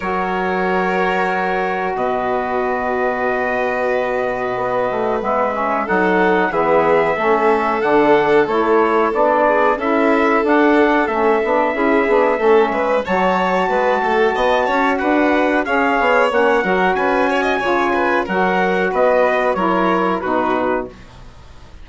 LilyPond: <<
  \new Staff \with { instrumentName = "trumpet" } { \time 4/4 \tempo 4 = 92 cis''2. dis''4~ | dis''1 | e''4 fis''4 e''2 | fis''4 cis''4 d''4 e''4 |
fis''4 e''2. | a''2. fis''4 | f''4 fis''4 gis''2 | fis''4 dis''4 cis''4 b'4 | }
  \new Staff \with { instrumentName = "violin" } { \time 4/4 ais'2. b'4~ | b'1~ | b'4 a'4 gis'4 a'4~ | a'2~ a'8 gis'8 a'4~ |
a'2 gis'4 a'8 b'8 | cis''4 b'8 a'8 dis''8 cis''8 b'4 | cis''4. ais'8 b'8 cis''16 dis''16 cis''8 b'8 | ais'4 b'4 ais'4 fis'4 | }
  \new Staff \with { instrumentName = "saxophone" } { \time 4/4 fis'1~ | fis'1 | b8 cis'8 dis'4 b4 cis'4 | d'4 e'4 d'4 e'4 |
d'4 cis'8 d'8 e'8 d'8 cis'4 | fis'1 | gis'4 cis'8 fis'4. f'4 | fis'2 e'4 dis'4 | }
  \new Staff \with { instrumentName = "bassoon" } { \time 4/4 fis2. b,4~ | b,2. b8 a8 | gis4 fis4 e4 a4 | d4 a4 b4 cis'4 |
d'4 a8 b8 cis'8 b8 a8 gis8 | fis4 gis8 a8 b8 cis'8 d'4 | cis'8 b8 ais8 fis8 cis'4 cis4 | fis4 b4 fis4 b,4 | }
>>